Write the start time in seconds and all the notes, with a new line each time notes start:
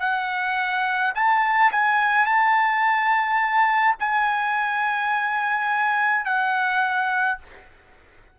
0.00 F#5
1.15 A5
1.72 G#5
2.26 A5
4.00 G#5
6.25 F#5